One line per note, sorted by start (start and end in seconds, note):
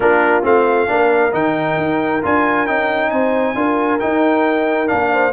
0.00 0.44 A#3
0.00 0.42 D4
0.00 0.89 F4
0.00 0.43 A#4
0.42 0.88 A3
0.42 0.86 C4
0.42 1.34 F5
0.86 1.33 A#3
0.86 1.31 D4
0.93 3.11 A#4
1.32 1.77 D#3
1.32 2.21 D#4
1.32 2.22 G5
1.77 2.21 D#4
2.22 2.68 D4
2.22 2.66 F4
2.22 2.66 G#5
2.66 3.11 C#4
2.66 3.55 D#4
2.66 3.10 G5
3.10 3.55 C4
3.10 3.55 C5
3.10 3.99 G#5
3.55 3.99 D4
3.55 3.99 F4
3.55 5.11 A#4
3.99 4.87 D#4
3.99 4.92 D#4
3.99 4.88 G5
4.87 5.32 A#3
4.87 5.31 D4
4.87 5.32 F5
5.11 5.32 C5